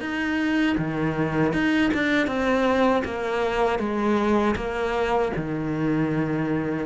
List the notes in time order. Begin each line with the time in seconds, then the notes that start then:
0.00 D#4
0.77 D#3
1.53 D#4
1.93 D4
2.26 C4
3.04 A#3
3.79 G#3
4.56 A#3
5.36 D#3